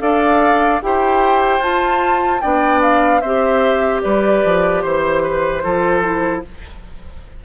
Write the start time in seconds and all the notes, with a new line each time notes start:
0.00 D4 A4 D5 F5
0.82 E4 G4 C5 G5
1.59 F4 A5
2.41 B3 D4 D5 G5
2.82 F5
3.21 C4 G4 C5 E5
4.02 G3 B4 D5
4.44 F3
4.81 E3 C5
5.23 B4
5.63 F3 F4 A4
6.02 E4